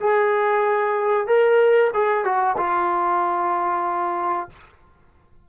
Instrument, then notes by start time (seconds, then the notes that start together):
trombone
0.00 G#4
1.27 A#4
1.94 G#4
2.25 F#4
2.57 F4